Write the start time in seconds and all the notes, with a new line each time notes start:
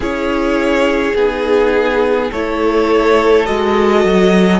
0.00 C#4 E4 G#4 C#5
1.15 B3 D#4 G#4
2.30 A3 E4 A4 C#5
3.45 G#3 F#4 D#5
4.04 F#3